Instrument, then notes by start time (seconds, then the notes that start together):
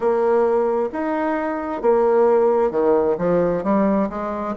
bassoon
0.00 A#3
0.92 D#4
1.81 A#3
2.70 D#3
3.18 F3
3.63 G3
4.09 G#3